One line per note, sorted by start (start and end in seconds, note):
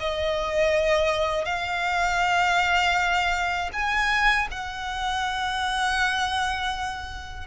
0.00 1.45 D#5
1.45 3.70 F5
3.73 4.48 G#5
4.51 7.47 F#5